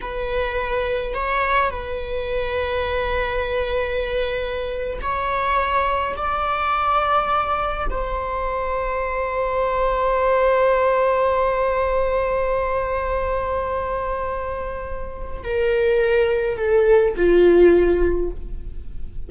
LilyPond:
\new Staff \with { instrumentName = "viola" } { \time 4/4 \tempo 4 = 105 b'2 cis''4 b'4~ | b'1~ | b'8. cis''2 d''4~ d''16~ | d''4.~ d''16 c''2~ c''16~ |
c''1~ | c''1~ | c''2. ais'4~ | ais'4 a'4 f'2 | }